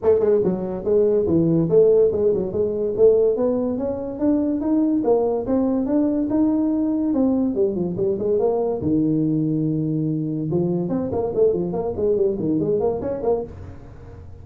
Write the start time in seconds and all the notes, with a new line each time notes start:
0.02 A3
0.19 G#3
0.44 F#3
0.84 G#3
1.26 E3
1.69 A3
2.12 G#3
2.33 F#3
2.52 G#3
2.96 A3
3.36 B3
3.78 C#4
4.19 D4
4.60 D#4
5.03 A#3
5.46 C4
5.86 D4
6.30 D#4
7.13 C4
7.54 G3
7.75 F3
7.97 G3
8.19 G#3
8.39 A#3
8.81 D#3
10.50 F3
10.89 C4
11.12 A#3
11.35 A3
11.53 F3
11.72 A#3
11.96 G#3
12.16 G3
12.39 D#3
12.59 G#3
12.80 A#3
13.01 C#4
13.22 A#3